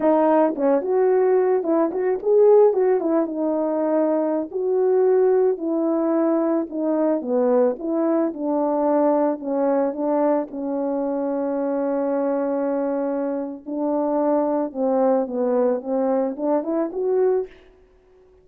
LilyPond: \new Staff \with { instrumentName = "horn" } { \time 4/4 \tempo 4 = 110 dis'4 cis'8 fis'4. e'8 fis'8 | gis'4 fis'8 e'8 dis'2~ | dis'16 fis'2 e'4.~ e'16~ | e'16 dis'4 b4 e'4 d'8.~ |
d'4~ d'16 cis'4 d'4 cis'8.~ | cis'1~ | cis'4 d'2 c'4 | b4 c'4 d'8 e'8 fis'4 | }